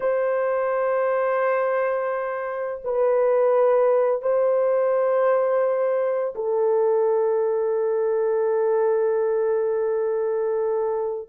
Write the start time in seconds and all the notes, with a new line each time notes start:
0.00 C5
2.84 B4
4.22 C5
6.35 A4